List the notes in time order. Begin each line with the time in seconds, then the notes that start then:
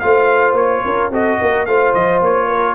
0.00 A3 F4 C5 F5
0.53 A#3 C#5
0.85 C#4 A#4
1.11 C4 F#4 A4 D#5
1.41 A#3 A#4
1.66 A3 F4 C5 F5
1.94 F3 D#5
2.22 A#3 C#5
2.48 A#4